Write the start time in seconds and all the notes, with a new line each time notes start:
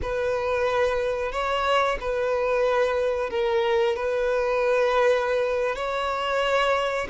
0.02 B4
1.32 C#5
2.00 B4
3.30 A#4
3.96 B4
5.75 C#5